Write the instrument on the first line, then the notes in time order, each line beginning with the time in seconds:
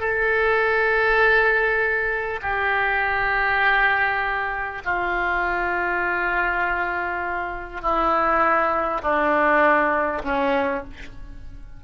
oboe
0.00 A4
2.42 G4
4.85 F4
7.81 E4
9.02 D4
10.24 C#4